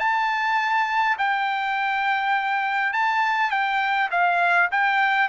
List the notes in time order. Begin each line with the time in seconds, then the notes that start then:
0.00 A5
1.19 G5
2.93 A5
3.51 G5
4.11 F5
4.72 G5